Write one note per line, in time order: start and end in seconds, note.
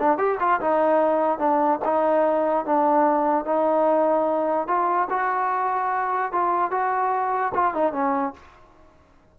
0.00 0.18 D4
0.18 0.39 G4
0.40 0.61 F4
0.61 1.39 D#4
1.39 1.80 D4
1.85 2.66 D#4
2.66 3.45 D4
3.45 4.68 D#4
4.68 5.09 F4
5.10 6.32 F#4
6.32 6.71 F4
6.71 7.53 F#4
7.55 7.75 F4
7.75 7.93 D#4
7.93 8.34 C#4